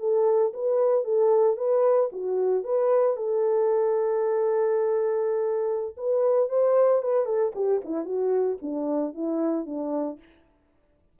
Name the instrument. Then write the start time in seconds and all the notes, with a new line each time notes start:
horn
0.00 A4
0.54 B4
1.05 A4
1.57 B4
2.13 F#4
2.64 B4
3.17 A4
5.97 B4
6.49 C5
7.03 B4
7.26 A4
7.55 G4
7.85 E4
8.05 F#4
8.62 D4
9.14 E4
9.66 D4